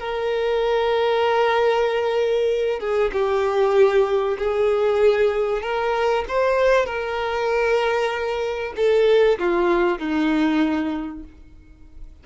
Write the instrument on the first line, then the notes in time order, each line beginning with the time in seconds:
violin
0.00 A#4
2.80 G#4
3.13 G4
4.38 G#4
5.62 A#4
6.29 C5
6.86 A#4
8.76 A4
9.39 F4
9.99 D#4